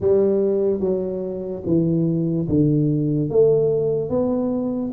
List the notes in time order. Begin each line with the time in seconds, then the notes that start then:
0.00 G3
0.80 F#3
1.66 E3
2.48 D3
3.29 A3
4.09 B3